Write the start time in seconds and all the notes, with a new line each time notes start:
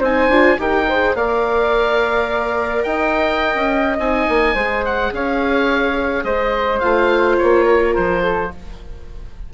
0.00 C4 D#4 C5 G#5
0.29 D4 F4
0.58 D#4 G4 A#4 G5
0.89 G#4 C5
1.15 A#3 A#4 D5 F5
2.83 D#4 D#5 G5
3.56 C#4
3.99 C4 D#4 G#5
4.29 A#3
4.55 G#3 G#4 C5
4.85 F#5
5.12 C#4 C#5 F5
6.24 G#3 C5 D#5
6.80 A3 F4 F5
7.38 A#3 C#5
7.66 A#4
7.95 F3 C5
8.23 A4